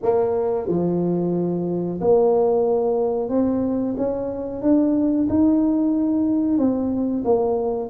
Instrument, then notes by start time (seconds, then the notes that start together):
tuba
0.02 A#3
0.68 F3
2.00 A#3
3.29 C4
3.97 C#4
4.62 D4
5.29 D#4
6.58 C4
7.24 A#3